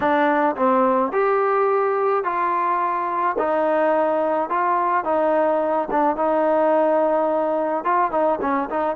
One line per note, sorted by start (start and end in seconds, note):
0.00 0.55 D4
0.56 1.12 C4
1.12 2.24 G4
2.24 3.36 F4
3.38 4.49 D#4
4.49 5.04 F4
5.04 5.88 D#4
5.90 6.16 D4
6.16 7.84 D#4
7.84 8.11 F4
8.11 8.39 D#4
8.41 8.69 C#4
8.70 8.96 D#4